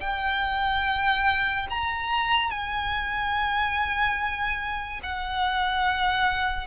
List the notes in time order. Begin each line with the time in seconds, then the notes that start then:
0.00 G5
1.69 A#5
2.50 G#5
5.02 F#5